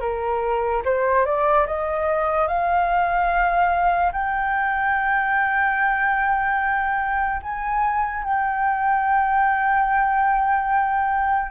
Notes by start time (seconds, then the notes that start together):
0.00 A#4
0.84 C5
1.25 D5
1.67 D#5
2.47 F5
4.12 G5
7.42 G#5
8.23 G5